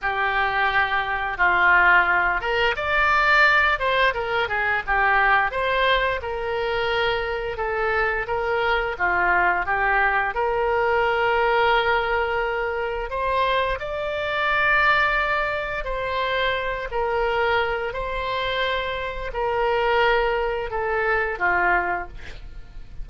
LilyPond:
\new Staff \with { instrumentName = "oboe" } { \time 4/4 \tempo 4 = 87 g'2 f'4. ais'8 | d''4. c''8 ais'8 gis'8 g'4 | c''4 ais'2 a'4 | ais'4 f'4 g'4 ais'4~ |
ais'2. c''4 | d''2. c''4~ | c''8 ais'4. c''2 | ais'2 a'4 f'4 | }